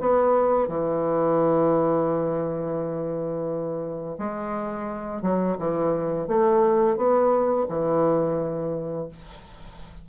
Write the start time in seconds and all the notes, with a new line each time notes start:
0.00 B3
0.68 E3
4.18 G#3
5.22 F#3
5.58 E3
6.28 A3
6.97 B3
7.69 E3